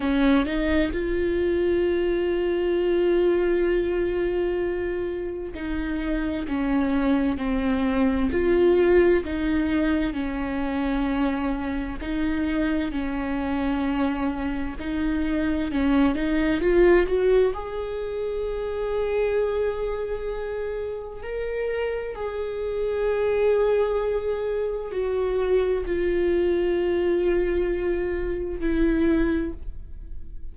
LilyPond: \new Staff \with { instrumentName = "viola" } { \time 4/4 \tempo 4 = 65 cis'8 dis'8 f'2.~ | f'2 dis'4 cis'4 | c'4 f'4 dis'4 cis'4~ | cis'4 dis'4 cis'2 |
dis'4 cis'8 dis'8 f'8 fis'8 gis'4~ | gis'2. ais'4 | gis'2. fis'4 | f'2. e'4 | }